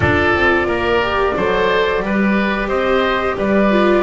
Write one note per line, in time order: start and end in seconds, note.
0.00 0.33 D4
0.00 1.00 F4
0.00 0.67 A4
0.00 2.68 D5
0.33 0.66 C4
0.66 1.33 A#3
0.66 1.34 A#4
1.01 1.35 G4
1.36 2.02 F#3
1.36 2.02 A4
1.36 2.04 C5
2.02 2.68 G3
2.02 3.70 G4
2.02 2.68 B4
2.68 3.35 C4
2.68 3.35 C5
2.68 3.36 D#5
3.37 4.03 G3
3.37 4.03 B4
3.37 4.03 D5
3.70 4.03 F4